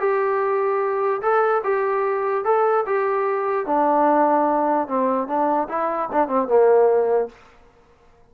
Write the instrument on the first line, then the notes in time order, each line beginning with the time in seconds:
trombone
0.00 G4
1.22 A4
1.64 G4
2.45 A4
2.86 G4
3.66 D4
4.88 C4
5.28 D4
5.69 E4
6.12 D4
6.28 C4
6.48 A#3